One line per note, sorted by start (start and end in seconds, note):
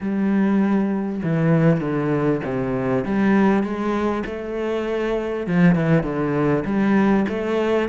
0.01 1.22 G3
1.23 1.80 E3
1.80 2.41 D3
2.44 3.05 C3
3.05 3.63 G3
3.63 4.23 G#3
4.26 5.47 A3
5.47 5.75 F3
5.75 6.03 E3
6.03 6.64 D3
6.65 7.26 G3
7.28 7.88 A3